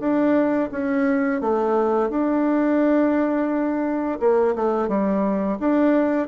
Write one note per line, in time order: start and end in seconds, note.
0.00 0.70 D4
0.72 1.41 C#4
1.41 2.10 A3
2.10 4.19 D4
4.20 4.55 A#3
4.56 4.88 A3
4.88 5.58 G3
5.60 6.28 D4